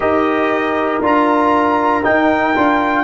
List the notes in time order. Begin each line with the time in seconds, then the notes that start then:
0.00 D#4 G4 A#4 D#5
1.01 D4 F4 A#5
2.03 D#4 G5
2.55 D4 F4